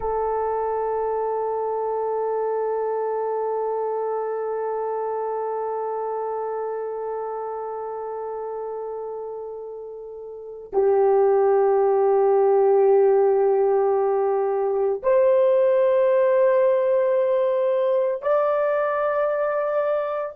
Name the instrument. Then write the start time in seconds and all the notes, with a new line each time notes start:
horn
0.00 A4
10.72 G4
15.02 C5
18.21 D5